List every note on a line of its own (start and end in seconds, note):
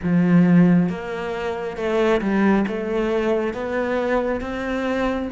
0.02 0.89 F3
0.89 1.76 A#3
1.76 2.21 A3
2.21 2.65 G3
2.67 3.53 A3
3.53 4.40 B3
4.40 5.29 C4